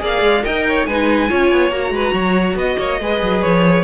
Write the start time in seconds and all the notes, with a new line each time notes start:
0.00 A#3 G#4 D5 F5
0.22 G#3
0.43 D#4 A#4 D#5 G5
0.69 C#5
0.86 G#3 D#4 B4 G#5
1.29 C#4 F4 C#5
1.52 B3
1.71 A#3 F#4 A#5
1.91 G#3 B4
2.14 F#3 C#5
2.55 B3 D#5
2.80 A#3 C#5
3.01 G#3 G#4 B4
3.23 F#3
3.42 F3 C#5